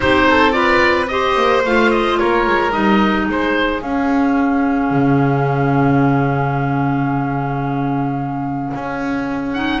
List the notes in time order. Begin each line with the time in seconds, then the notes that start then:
0.00 C4 D#4 G4 C5
0.29 A4
0.51 F4 B4 D5
1.07 G4 C5 D#5
1.36 A#3
1.63 A3 F4 F5
1.91 D#5
2.18 A#3 A#4 C#5
2.47 G#3
2.71 G3 D#4 D#5
3.24 G#3 G#4
3.31 C5
3.81 C#4 F5
4.90 C#3
8.73 C#4
9.53 D#4 F#5